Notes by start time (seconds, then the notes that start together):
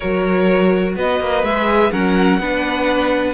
0.00 F#3 F#4 A#4 C#5
0.95 B3 B4 D#5
1.20 A#3
1.43 G#3 G#4 E5
1.91 F#3 C#4 A#4 F#5
2.38 B3 D4 B4